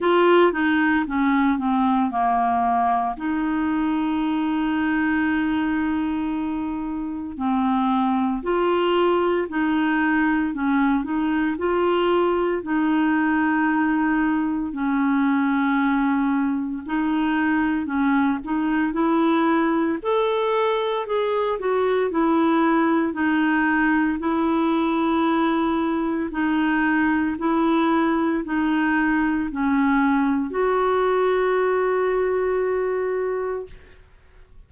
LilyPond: \new Staff \with { instrumentName = "clarinet" } { \time 4/4 \tempo 4 = 57 f'8 dis'8 cis'8 c'8 ais4 dis'4~ | dis'2. c'4 | f'4 dis'4 cis'8 dis'8 f'4 | dis'2 cis'2 |
dis'4 cis'8 dis'8 e'4 a'4 | gis'8 fis'8 e'4 dis'4 e'4~ | e'4 dis'4 e'4 dis'4 | cis'4 fis'2. | }